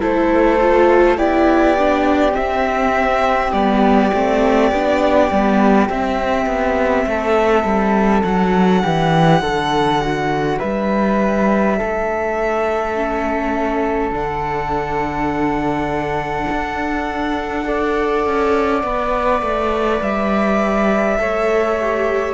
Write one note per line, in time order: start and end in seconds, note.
0.00 1.18 A3
0.00 0.59 E4
0.00 1.18 A4
0.00 1.18 C5
0.61 1.18 F4
1.18 2.35 B3
1.18 1.76 E4
1.18 7.06 G4
1.18 2.35 D5
1.78 2.32 D4
2.32 3.50 C4
2.32 3.52 C4
2.32 3.52 E5
3.52 4.11 G3
3.52 4.12 B3
3.52 5.88 D5
4.14 4.72 A3
4.14 4.74 C4
4.72 5.31 B3
4.72 5.31 D4
5.31 5.89 G3
5.31 5.90 B3
5.89 6.46 C4
5.89 8.26 C4
5.89 8.23 E5
6.46 7.05 B3
7.07 7.64 A3
7.07 8.83 A4
7.64 8.23 G3
8.23 8.83 F#3
8.23 12.96 D4
8.23 10.58 F#5
8.83 9.41 E3
8.83 9.41 G4
9.41 10.59 D3
9.41 10.01 A4
10.01 10.59 F#4
10.59 11.80 G3
10.59 11.77 B4
10.59 14.12 E5
11.77 14.11 A3
11.77 17.66 A4
12.96 14.13 C#4
14.11 16.46 D3
14.11 17.64 D4
14.11 20.02 F#5
16.51 18.26 D4
17.64 18.82 A4
17.64 21.20 D5
18.26 18.83 C#4
18.83 19.42 B3
18.83 21.18 B4
19.42 20.00 A3
20.01 21.18 G3
20.01 22.34 E5
21.18 22.34 A3
21.18 21.77 A4
21.18 22.34 C#5
21.81 22.34 G4